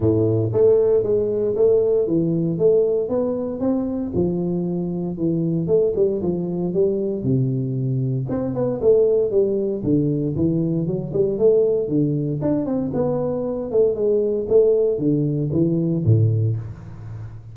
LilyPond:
\new Staff \with { instrumentName = "tuba" } { \time 4/4 \tempo 4 = 116 a,4 a4 gis4 a4 | e4 a4 b4 c'4 | f2 e4 a8 g8 | f4 g4 c2 |
c'8 b8 a4 g4 d4 | e4 fis8 g8 a4 d4 | d'8 c'8 b4. a8 gis4 | a4 d4 e4 a,4 | }